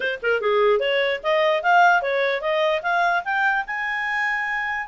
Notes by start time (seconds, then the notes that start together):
0.00 C5
0.22 A#4
0.40 G#4
0.79 C#5
1.23 D#5
1.62 F5
2.02 C#5
2.41 D#5
2.82 F5
3.24 G5
3.66 G#5